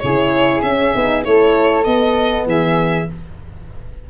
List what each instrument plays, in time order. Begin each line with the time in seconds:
0.00 tuba C#3, horn E4, flute G#4, violin C#5
0.63 tuba C#4, horn C#4, violin E5
0.95 tuba B3, horn D#4
1.23 tuba A3, horn E4, flute A4, violin C#5
1.85 horn B3, tuba B3, violin D#5
2.46 tuba E3, flute G#4, violin E5